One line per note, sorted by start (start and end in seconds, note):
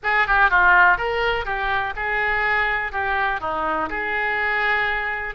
0.03 0.27 G#4
0.27 0.50 G4
0.50 0.97 F4
0.97 1.45 A#4
1.45 1.93 G4
1.96 2.92 G#4
2.92 3.40 G4
3.40 3.89 D#4
3.89 5.35 G#4